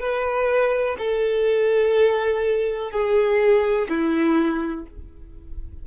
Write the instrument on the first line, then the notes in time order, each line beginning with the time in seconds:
violin
0.00 B4
0.99 A4
2.92 G#4
3.90 E4